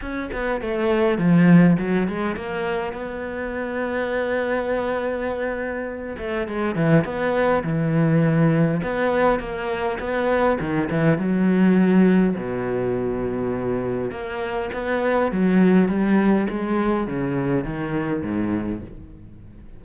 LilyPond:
\new Staff \with { instrumentName = "cello" } { \time 4/4 \tempo 4 = 102 cis'8 b8 a4 f4 fis8 gis8 | ais4 b2.~ | b2~ b8 a8 gis8 e8 | b4 e2 b4 |
ais4 b4 dis8 e8 fis4~ | fis4 b,2. | ais4 b4 fis4 g4 | gis4 cis4 dis4 gis,4 | }